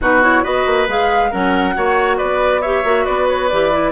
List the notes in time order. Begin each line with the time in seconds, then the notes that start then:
0.01 B2 D#4 F#4 B4
0.22 E4 C#5
0.43 B3 F#4 B4 D#5
0.66 A#3
0.88 G#3 G#4 F5
1.30 F#3 C#4 A#4 F#5
1.74 A#3 F#4 C#5
2.17 B3 B4 D5
2.61 G4 C#5 E5
2.83 A#3 F#4
3.04 B3 B4 D5
3.28 C#5
3.48 E3 G4 D5
3.72 E4